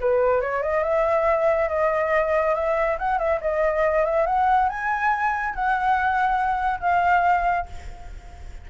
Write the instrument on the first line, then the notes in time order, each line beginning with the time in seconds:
flute
0.00 B4
0.41 C#5
0.63 D#5
0.83 E5
1.69 D#5
2.54 E5
2.98 F#5
3.18 E5
3.41 D#5
4.05 E5
4.26 F#5
4.69 G#5
5.54 F#5
6.80 F5